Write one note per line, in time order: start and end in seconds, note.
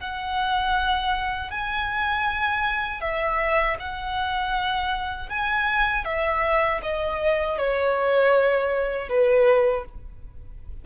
0.00 1.51 F#5
1.51 3.01 G#5
3.01 3.77 E5
3.80 5.29 F#5
5.29 6.05 G#5
6.05 6.81 E5
6.83 7.58 D#5
7.58 9.09 C#5
9.09 9.85 B4